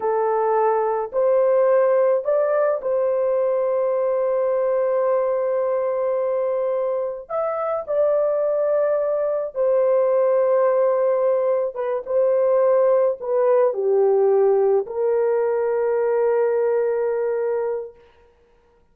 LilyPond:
\new Staff \with { instrumentName = "horn" } { \time 4/4 \tempo 4 = 107 a'2 c''2 | d''4 c''2.~ | c''1~ | c''4 e''4 d''2~ |
d''4 c''2.~ | c''4 b'8 c''2 b'8~ | b'8 g'2 ais'4.~ | ais'1 | }